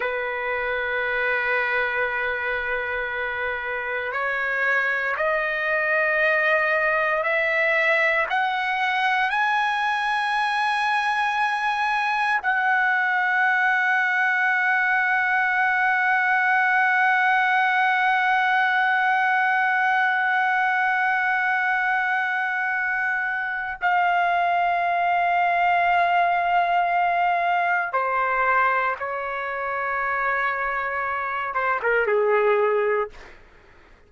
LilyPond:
\new Staff \with { instrumentName = "trumpet" } { \time 4/4 \tempo 4 = 58 b'1 | cis''4 dis''2 e''4 | fis''4 gis''2. | fis''1~ |
fis''1~ | fis''2. f''4~ | f''2. c''4 | cis''2~ cis''8 c''16 ais'16 gis'4 | }